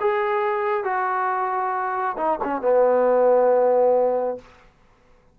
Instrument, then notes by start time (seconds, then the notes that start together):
trombone
0.00 G#4
0.84 F#4
2.17 D#4
2.43 C#4
2.61 B3